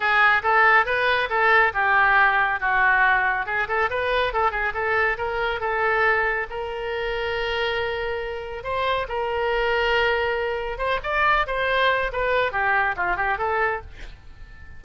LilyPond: \new Staff \with { instrumentName = "oboe" } { \time 4/4 \tempo 4 = 139 gis'4 a'4 b'4 a'4 | g'2 fis'2 | gis'8 a'8 b'4 a'8 gis'8 a'4 | ais'4 a'2 ais'4~ |
ais'1 | c''4 ais'2.~ | ais'4 c''8 d''4 c''4. | b'4 g'4 f'8 g'8 a'4 | }